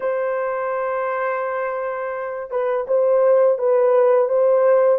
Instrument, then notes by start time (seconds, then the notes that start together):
horn
0.00 C5
2.50 B4
2.87 C5
3.58 B4
4.28 C5